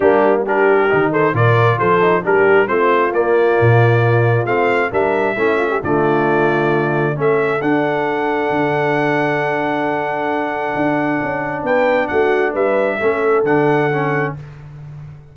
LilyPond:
<<
  \new Staff \with { instrumentName = "trumpet" } { \time 4/4 \tempo 4 = 134 g'4 ais'4. c''8 d''4 | c''4 ais'4 c''4 d''4~ | d''2 f''4 e''4~ | e''4 d''2. |
e''4 fis''2.~ | fis''1~ | fis''2 g''4 fis''4 | e''2 fis''2 | }
  \new Staff \with { instrumentName = "horn" } { \time 4/4 d'4 g'4. a'8 ais'4 | a'4 g'4 f'2~ | f'2. ais'4 | e'8 f'16 g'16 f'2. |
a'1~ | a'1~ | a'2 b'4 fis'4 | b'4 a'2. | }
  \new Staff \with { instrumentName = "trombone" } { \time 4/4 ais4 d'4 dis'4 f'4~ | f'8 dis'8 d'4 c'4 ais4~ | ais2 c'4 d'4 | cis'4 a2. |
cis'4 d'2.~ | d'1~ | d'1~ | d'4 cis'4 d'4 cis'4 | }
  \new Staff \with { instrumentName = "tuba" } { \time 4/4 g2 dis4 ais,4 | f4 g4 a4 ais4 | ais,2 a4 g4 | a4 d2. |
a4 d'2 d4~ | d1 | d'4 cis'4 b4 a4 | g4 a4 d2 | }
>>